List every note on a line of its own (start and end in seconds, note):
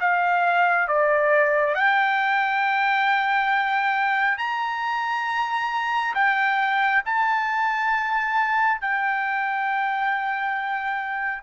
0.00 0.87 F5
0.87 1.75 D5
1.75 4.38 G5
4.38 6.14 A#5
6.14 7.03 G5
7.05 8.81 A5
8.81 11.43 G5